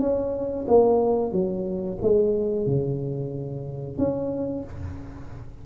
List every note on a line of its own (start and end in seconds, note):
0.00 0.66 C#4
0.68 1.32 A#3
1.32 1.98 F#3
2.02 2.67 G#3
2.67 3.98 C#3
3.98 4.64 C#4